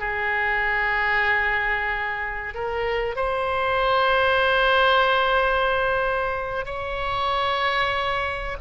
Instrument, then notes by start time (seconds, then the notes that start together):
oboe
0.00 G#4
2.54 A#4
3.17 C5
6.66 C#5